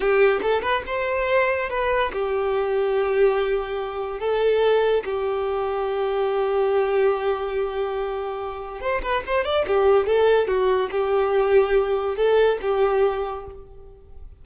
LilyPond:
\new Staff \with { instrumentName = "violin" } { \time 4/4 \tempo 4 = 143 g'4 a'8 b'8 c''2 | b'4 g'2.~ | g'2 a'2 | g'1~ |
g'1~ | g'4 c''8 b'8 c''8 d''8 g'4 | a'4 fis'4 g'2~ | g'4 a'4 g'2 | }